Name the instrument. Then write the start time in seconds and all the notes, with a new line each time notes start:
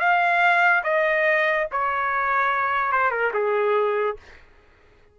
trumpet
0.00 F5
0.84 D#5
1.72 C#5
2.92 C5
3.11 A#4
3.34 G#4